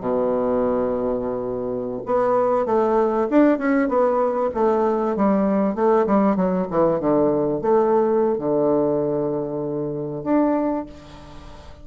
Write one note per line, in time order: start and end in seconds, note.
0.00 2.01 B2
2.06 2.66 B3
2.66 3.28 A3
3.30 3.58 D4
3.58 3.88 C#4
3.88 4.50 B3
4.54 5.16 A3
5.16 5.75 G3
5.75 6.06 A3
6.06 6.36 G3
6.36 6.67 F#3
6.71 7.00 E3
7.00 7.61 D3
7.61 8.38 A3
8.38 10.24 D3
10.24 10.86 D4